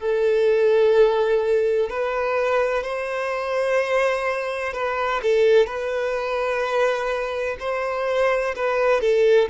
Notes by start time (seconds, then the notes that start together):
0.00 A4
1.90 B4
2.84 C5
4.73 B4
5.22 A4
5.67 B4
7.60 C5
8.55 B4
9.00 A4